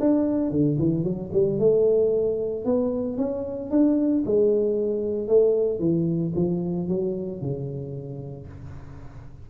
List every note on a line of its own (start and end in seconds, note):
0.00 0.51 D4
0.51 0.77 D3
0.79 1.04 E3
1.04 1.30 F#3
1.33 1.59 G3
1.59 2.65 A3
2.65 3.18 B3
3.18 3.71 C#4
3.71 4.24 D4
4.25 5.28 G#3
5.28 5.79 A3
5.79 6.33 E3
6.36 6.88 F3
6.88 7.41 F#3
7.41 8.48 C#3